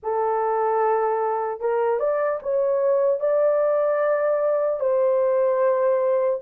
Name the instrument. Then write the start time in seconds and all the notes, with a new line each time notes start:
horn
0.02 A4
1.60 A#4
1.99 D5
2.42 C#5
3.20 D5
4.80 C5